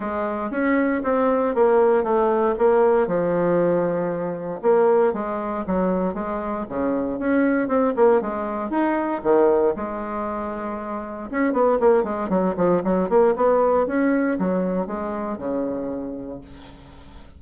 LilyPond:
\new Staff \with { instrumentName = "bassoon" } { \time 4/4 \tempo 4 = 117 gis4 cis'4 c'4 ais4 | a4 ais4 f2~ | f4 ais4 gis4 fis4 | gis4 cis4 cis'4 c'8 ais8 |
gis4 dis'4 dis4 gis4~ | gis2 cis'8 b8 ais8 gis8 | fis8 f8 fis8 ais8 b4 cis'4 | fis4 gis4 cis2 | }